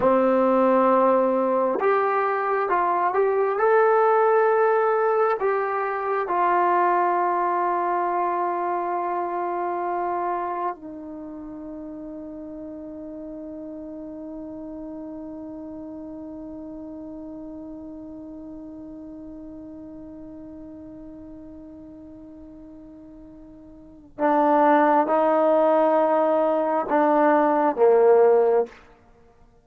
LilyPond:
\new Staff \with { instrumentName = "trombone" } { \time 4/4 \tempo 4 = 67 c'2 g'4 f'8 g'8 | a'2 g'4 f'4~ | f'1 | dis'1~ |
dis'1~ | dis'1~ | dis'2. d'4 | dis'2 d'4 ais4 | }